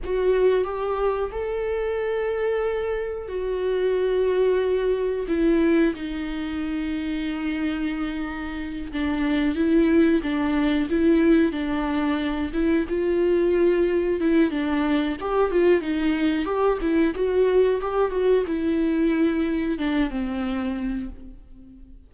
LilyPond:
\new Staff \with { instrumentName = "viola" } { \time 4/4 \tempo 4 = 91 fis'4 g'4 a'2~ | a'4 fis'2. | e'4 dis'2.~ | dis'4. d'4 e'4 d'8~ |
d'8 e'4 d'4. e'8 f'8~ | f'4. e'8 d'4 g'8 f'8 | dis'4 g'8 e'8 fis'4 g'8 fis'8 | e'2 d'8 c'4. | }